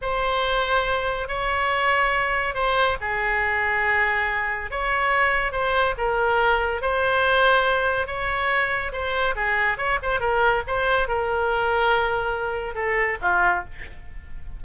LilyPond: \new Staff \with { instrumentName = "oboe" } { \time 4/4 \tempo 4 = 141 c''2. cis''4~ | cis''2 c''4 gis'4~ | gis'2. cis''4~ | cis''4 c''4 ais'2 |
c''2. cis''4~ | cis''4 c''4 gis'4 cis''8 c''8 | ais'4 c''4 ais'2~ | ais'2 a'4 f'4 | }